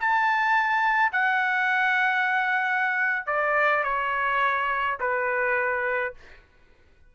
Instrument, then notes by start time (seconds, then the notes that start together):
trumpet
0.00 A5
1.12 F#5
3.26 D5
3.84 C#5
5.00 B4